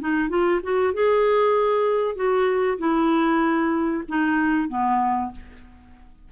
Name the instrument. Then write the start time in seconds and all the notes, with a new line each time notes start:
clarinet
0.00 D#4
0.29 F4
0.63 F#4
0.94 G#4
2.16 F#4
2.78 E4
4.08 D#4
4.69 B3